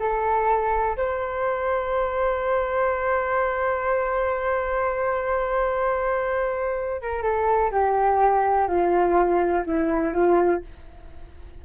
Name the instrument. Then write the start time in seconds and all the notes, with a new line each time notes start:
flute
0.00 A4
0.97 C5
7.02 A#4
7.23 A4
7.72 G4
8.68 F4
9.66 E4
10.14 F4